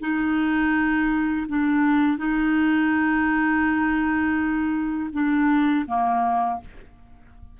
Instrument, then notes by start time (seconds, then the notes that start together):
clarinet
0.00 D#4
1.48 D4
2.18 D#4
5.12 D4
5.87 A#3